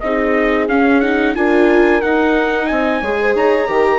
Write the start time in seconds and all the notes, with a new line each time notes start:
0.00 C4 D#4 G#4 D#5
0.68 C#4 F5
1.00 D#4 F#5
1.35 D4 F4 A#4 G#5
2.01 D#4 F#5
2.67 C4 D#5 G#5
3.01 G#3 G#4 C#5
3.21 C5
3.35 D#4 C#5 A#5
3.67 D#3 G4 A#4